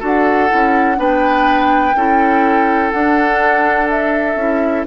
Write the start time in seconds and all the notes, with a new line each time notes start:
0.00 D4 F#4 A4 F#5
0.49 C#4 E4
0.96 B3 D4 B4 G5
1.95 C#4 E4 A4
2.92 D4 F#5
3.90 E5
4.35 C#4 E4